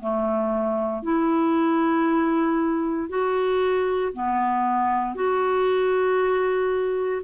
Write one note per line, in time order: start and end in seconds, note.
0.00 1.03 A3
1.03 3.09 E4
3.09 4.12 F#4
4.13 5.15 B3
5.15 7.22 F#4